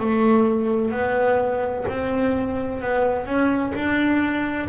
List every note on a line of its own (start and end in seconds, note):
0.00 0.92 A3
0.92 1.85 B3
1.89 2.82 C4
2.82 3.26 B3
3.26 3.73 C#4
3.75 4.69 D4